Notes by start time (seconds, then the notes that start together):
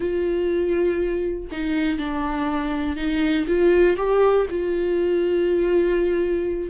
0.00 F4
1.51 D#4
1.98 D4
2.96 D#4
3.47 F4
3.96 G4
4.50 F4